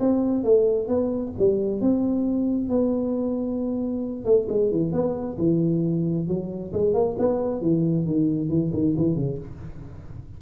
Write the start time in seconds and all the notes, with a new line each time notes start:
0.00 C4
0.44 A3
0.88 B3
1.39 G3
1.81 C4
2.69 B3
4.25 A3
4.49 G#3
4.72 E3
4.92 B3
5.39 E3
6.28 F#3
6.73 G#3
6.94 A#3
7.19 B3
7.62 E3
8.06 D#3
8.49 E3
8.74 D#3
8.97 E3
9.16 C#3